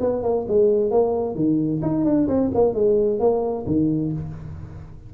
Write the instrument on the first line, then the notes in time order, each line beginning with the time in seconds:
tuba
0.00 B3
0.23 A#3
0.48 G#3
0.91 A#3
1.35 D#3
1.82 D#4
2.04 D4
2.28 C4
2.54 A#3
2.74 G#3
3.20 A#3
3.66 D#3